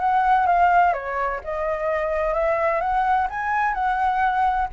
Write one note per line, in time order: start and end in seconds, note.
0.00 0.47 F#5
0.47 0.94 F5
0.94 1.41 C#5
1.44 2.35 D#5
2.35 2.81 E5
2.81 3.28 F#5
3.30 3.75 G#5
3.75 4.68 F#5